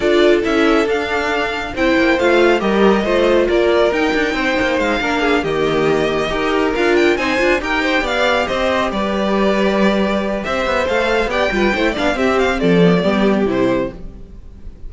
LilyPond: <<
  \new Staff \with { instrumentName = "violin" } { \time 4/4 \tempo 4 = 138 d''4 e''4 f''2 | g''4 f''4 dis''2 | d''4 g''2 f''4~ | f''8 dis''2. f''8 |
g''8 gis''4 g''4 f''4 dis''8~ | dis''8 d''2.~ d''8 | e''4 f''4 g''4. f''8 | e''8 f''8 d''2 c''4 | }
  \new Staff \with { instrumentName = "violin" } { \time 4/4 a'1 | c''2 ais'4 c''4 | ais'2 c''4. ais'8 | gis'8 g'2 ais'4.~ |
ais'8 c''4 ais'8 c''8 d''4 c''8~ | c''8 b'2.~ b'8 | c''2 d''8 b'8 c''8 d''8 | g'4 a'4 g'2 | }
  \new Staff \with { instrumentName = "viola" } { \time 4/4 f'4 e'4 d'2 | e'4 f'4 g'4 f'4~ | f'4 dis'2~ dis'8 d'8~ | d'8 ais2 g'4 f'8~ |
f'8 dis'8 f'8 g'2~ g'8~ | g'1~ | g'4 a'4 g'8 f'8 e'8 d'8 | c'4. b16 a16 b4 e'4 | }
  \new Staff \with { instrumentName = "cello" } { \time 4/4 d'4 cis'4 d'2 | c'8 ais8 a4 g4 a4 | ais4 dis'8 d'8 c'8 ais8 gis8 ais8~ | ais8 dis2 dis'4 d'8~ |
d'8 c'8 d'8 dis'4 b4 c'8~ | c'8 g2.~ g8 | c'8 b8 a4 b8 g8 a8 b8 | c'4 f4 g4 c4 | }
>>